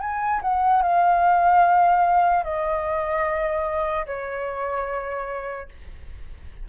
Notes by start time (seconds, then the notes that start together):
0.00 G#5
0.42 F#5
0.82 F5
2.44 D#5
4.06 C#5